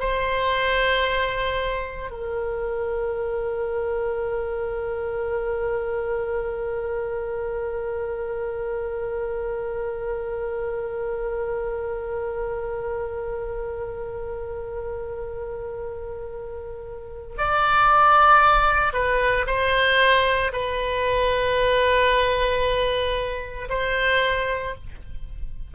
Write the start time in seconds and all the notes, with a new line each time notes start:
0.00 C5
2.11 A#4
17.38 D5
18.93 B4
19.46 C5
20.53 B4
23.69 C5